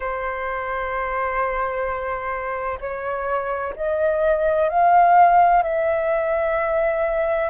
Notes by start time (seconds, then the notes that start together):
0.00 C5
2.80 C#5
3.75 D#5
4.69 F5
5.62 E5